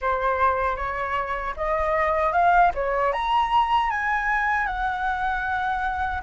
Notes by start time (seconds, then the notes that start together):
0.01 C5
0.76 C#5
1.56 D#5
2.32 F5
2.74 C#5
3.12 A#5
3.90 G#5
4.66 F#5